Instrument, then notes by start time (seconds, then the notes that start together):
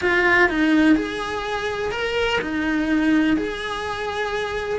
cello
0.01 F4
0.49 D#4
0.95 G#4
1.91 A#4
2.41 D#4
3.36 G#4